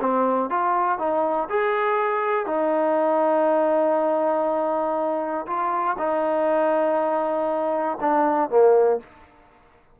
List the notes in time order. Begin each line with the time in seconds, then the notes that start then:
0.00 C4
0.50 F4
0.99 D#4
1.49 G#4
2.46 D#4
5.46 F4
5.98 D#4
8.01 D4
8.50 A#3